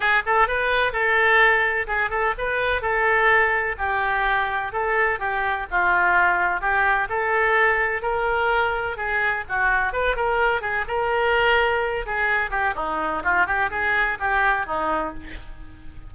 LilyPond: \new Staff \with { instrumentName = "oboe" } { \time 4/4 \tempo 4 = 127 gis'8 a'8 b'4 a'2 | gis'8 a'8 b'4 a'2 | g'2 a'4 g'4 | f'2 g'4 a'4~ |
a'4 ais'2 gis'4 | fis'4 b'8 ais'4 gis'8 ais'4~ | ais'4. gis'4 g'8 dis'4 | f'8 g'8 gis'4 g'4 dis'4 | }